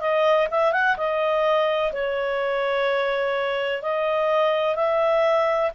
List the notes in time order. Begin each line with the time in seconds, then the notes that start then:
0.00 D#5
0.51 E5
0.72 F#5
0.97 D#5
1.93 C#5
3.82 D#5
4.75 E5